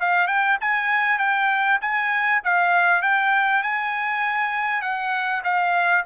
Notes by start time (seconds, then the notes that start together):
0.00 F5
0.27 G5
0.61 G#5
1.19 G5
1.81 G#5
2.44 F5
3.02 G5
3.63 G#5
4.82 F#5
5.44 F5